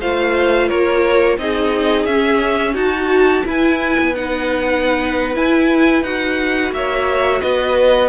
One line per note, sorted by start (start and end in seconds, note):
0.00 0.70 A3
0.00 1.39 F4
0.00 0.68 C5
0.00 0.69 F5
0.68 1.38 A#3
0.68 1.37 A#4
0.68 1.37 C#5
1.38 2.06 C4
1.38 2.08 D#4
1.38 2.74 G#4
1.38 2.05 D#5
2.05 2.74 C#4
2.05 2.78 C#4
2.05 2.74 E5
2.74 3.43 D#4
2.74 3.43 F#4
2.74 3.44 F#4
2.74 3.45 A5
3.44 4.13 E4
3.44 3.98 E4
3.44 6.74 B4
3.44 4.15 G#5
3.99 5.36 B3
4.15 5.34 D#4
4.15 5.36 F#5
5.34 6.03 E4
5.34 6.02 E4
5.34 6.03 G#5
6.02 6.71 D#4
6.02 8.08 F#4
6.02 6.72 F#5
6.72 7.41 A#3
6.72 7.42 C#5
6.72 7.41 E5
7.41 8.08 B3
7.41 8.08 B4
7.41 8.08 D#5